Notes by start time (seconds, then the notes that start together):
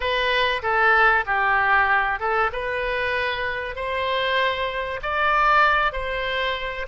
0.00 B4
0.62 A4
1.26 G4
2.19 A4
2.52 B4
3.75 C5
5.02 D5
5.92 C5